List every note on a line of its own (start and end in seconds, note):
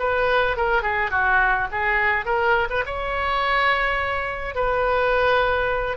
0.00 0.57 B4
0.57 0.83 A#4
0.83 1.11 G#4
1.11 1.68 F#4
1.72 2.26 G#4
2.26 2.69 A#4
2.70 2.85 B4
2.86 4.55 C#5
4.55 5.97 B4